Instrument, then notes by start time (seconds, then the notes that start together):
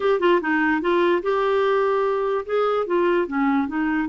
clarinet
0.00 G4
0.20 F4
0.41 D#4
0.81 F4
1.22 G4
2.45 G#4
2.86 F4
3.27 C#4
3.67 D#4